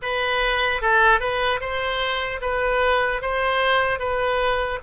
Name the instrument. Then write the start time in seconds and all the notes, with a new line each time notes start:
oboe
0.01 B4
0.81 A4
1.20 B4
1.60 C5
2.41 B4
3.21 C5
3.99 B4